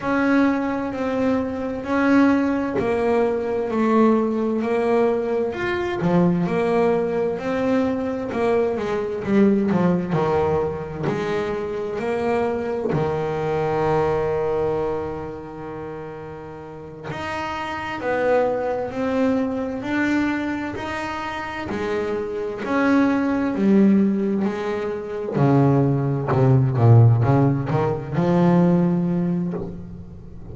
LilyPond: \new Staff \with { instrumentName = "double bass" } { \time 4/4 \tempo 4 = 65 cis'4 c'4 cis'4 ais4 | a4 ais4 f'8 f8 ais4 | c'4 ais8 gis8 g8 f8 dis4 | gis4 ais4 dis2~ |
dis2~ dis8 dis'4 b8~ | b8 c'4 d'4 dis'4 gis8~ | gis8 cis'4 g4 gis4 cis8~ | cis8 c8 ais,8 cis8 dis8 f4. | }